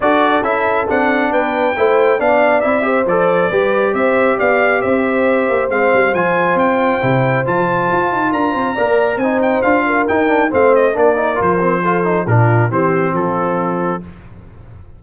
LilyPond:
<<
  \new Staff \with { instrumentName = "trumpet" } { \time 4/4 \tempo 4 = 137 d''4 e''4 fis''4 g''4~ | g''4 f''4 e''4 d''4~ | d''4 e''4 f''4 e''4~ | e''4 f''4 gis''4 g''4~ |
g''4 a''2 ais''4~ | ais''4 gis''8 g''8 f''4 g''4 | f''8 dis''8 d''4 c''2 | ais'4 c''4 a'2 | }
  \new Staff \with { instrumentName = "horn" } { \time 4/4 a'2. b'4 | c''4 d''4. c''4. | b'4 c''4 d''4 c''4~ | c''1~ |
c''2. ais'8 c''8 | d''4 c''4. ais'4. | c''4 ais'2 a'4 | f'4 g'4 f'2 | }
  \new Staff \with { instrumentName = "trombone" } { \time 4/4 fis'4 e'4 d'2 | e'4 d'4 e'8 g'8 a'4 | g'1~ | g'4 c'4 f'2 |
e'4 f'2. | ais'4 dis'4 f'4 dis'8 d'8 | c'4 d'8 dis'8 f'8 c'8 f'8 dis'8 | d'4 c'2. | }
  \new Staff \with { instrumentName = "tuba" } { \time 4/4 d'4 cis'4 c'4 b4 | a4 b4 c'4 f4 | g4 c'4 b4 c'4~ | c'8 ais8 gis8 g8 f4 c'4 |
c4 f4 f'8 dis'8 d'8 c'8 | ais4 c'4 d'4 dis'4 | a4 ais4 f2 | ais,4 e4 f2 | }
>>